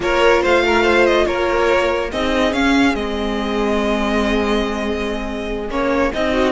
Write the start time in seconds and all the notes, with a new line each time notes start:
0.00 A#3 F4 A#4 C#5
0.42 A3 C5 F5
0.66 A#4
0.83 C5
1.06 D#5
1.26 A#3 A#4 C#5
2.11 C4 D#4 G#4 D#5
2.52 C#4 F5
2.94 G#3 C4 D#5
5.69 A#3 C#4 C#5
6.13 C4 D#4 D#5
6.31 F#4